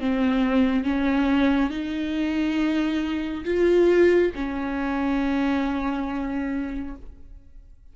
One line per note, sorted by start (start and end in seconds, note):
0.00 0.85 C4
0.85 1.71 C#4
1.71 3.45 D#4
3.45 4.32 F4
4.36 6.96 C#4